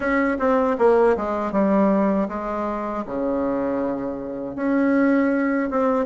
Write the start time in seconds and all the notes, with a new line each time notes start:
0.00 C#4
0.39 C4
0.78 A#3
1.16 G#3
1.52 G3
2.28 G#3
3.06 C#3
4.55 C#4
5.70 C4